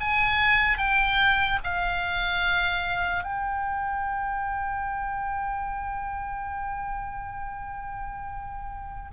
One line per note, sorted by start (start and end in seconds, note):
0.00 0.78 G#5
0.78 1.59 G5
1.63 3.23 F5
3.23 9.11 G5